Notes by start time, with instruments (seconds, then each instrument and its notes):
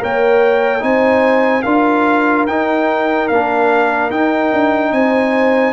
0.00 tuba A#3, trombone A#4, horn C#5, trumpet G5
0.80 tuba C4, trombone D#4, horn C5, trumpet G#5
1.63 tuba D4, trombone F4, horn A#4, trumpet F5
2.47 tuba D#4, trombone D#4, trumpet G5
3.28 tuba A#3, trombone D4, trumpet F5
4.11 tuba D#4, trombone D#4, trumpet G5
4.53 tuba D4
4.92 tuba C4, horn C5, trumpet G#5